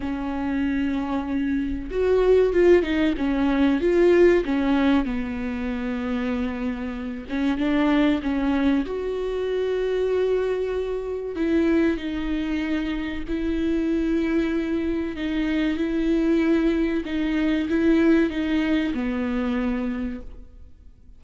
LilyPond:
\new Staff \with { instrumentName = "viola" } { \time 4/4 \tempo 4 = 95 cis'2. fis'4 | f'8 dis'8 cis'4 f'4 cis'4 | b2.~ b8 cis'8 | d'4 cis'4 fis'2~ |
fis'2 e'4 dis'4~ | dis'4 e'2. | dis'4 e'2 dis'4 | e'4 dis'4 b2 | }